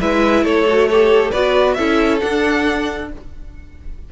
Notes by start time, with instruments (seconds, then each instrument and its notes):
0.00 cello G#3, viola E4, violin B4 E5
0.42 cello A3, violin A4 C#5
0.68 viola F#4
0.88 viola G4, violin A4 C#5
1.30 cello B3, viola F#4, violin B4 D5
1.74 cello C#4, viola E4, violin A4 E5
2.20 viola D4, cello D4, violin F#5